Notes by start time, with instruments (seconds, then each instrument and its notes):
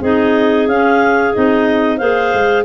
0.00 tuba C4, clarinet D#4 G#4 D#5
0.67 tuba C#4, clarinet C#4 F5
1.34 tuba C4, clarinet D#4 D#5
1.97 tuba A#3, clarinet G#4 C5 F5
2.33 tuba G#3